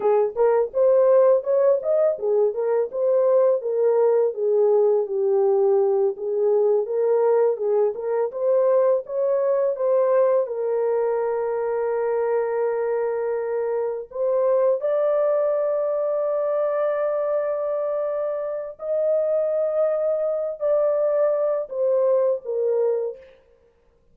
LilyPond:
\new Staff \with { instrumentName = "horn" } { \time 4/4 \tempo 4 = 83 gis'8 ais'8 c''4 cis''8 dis''8 gis'8 ais'8 | c''4 ais'4 gis'4 g'4~ | g'8 gis'4 ais'4 gis'8 ais'8 c''8~ | c''8 cis''4 c''4 ais'4.~ |
ais'2.~ ais'8 c''8~ | c''8 d''2.~ d''8~ | d''2 dis''2~ | dis''8 d''4. c''4 ais'4 | }